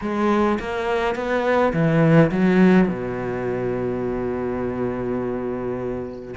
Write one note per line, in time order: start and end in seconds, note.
0.01 0.58 G#3
0.59 1.15 A#3
1.15 1.73 B3
1.73 2.31 E3
2.31 2.88 F#3
2.88 6.34 B2